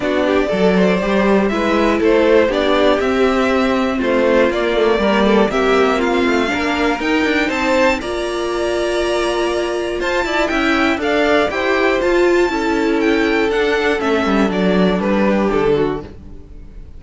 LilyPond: <<
  \new Staff \with { instrumentName = "violin" } { \time 4/4 \tempo 4 = 120 d''2. e''4 | c''4 d''4 e''2 | c''4 d''2 e''4 | f''2 g''4 a''4 |
ais''1 | a''4 g''4 f''4 g''4 | a''2 g''4 fis''4 | e''4 d''4 b'4 a'4 | }
  \new Staff \with { instrumentName = "violin" } { \time 4/4 fis'8 g'8 a'8 c''4. b'4 | a'4 g'2. | f'2 ais'8 a'8 g'4 | f'4 ais'2 c''4 |
d''1 | c''8 d''8 e''4 d''4 c''4~ | c''4 a'2.~ | a'2~ a'8 g'4 fis'8 | }
  \new Staff \with { instrumentName = "viola" } { \time 4/4 d'4 a'4 g'4 e'4~ | e'4 d'4 c'2~ | c'4 ais8 a8 ais4 c'4~ | c'4 d'4 dis'2 |
f'1~ | f'4 e'4 a'4 g'4 | f'4 e'2 d'4 | cis'4 d'2. | }
  \new Staff \with { instrumentName = "cello" } { \time 4/4 b4 fis4 g4 gis4 | a4 b4 c'2 | a4 ais4 g4 ais4~ | ais8 a8 ais4 dis'8 d'8 c'4 |
ais1 | f'8 e'8 cis'4 d'4 e'4 | f'4 cis'2 d'4 | a8 g8 fis4 g4 d4 | }
>>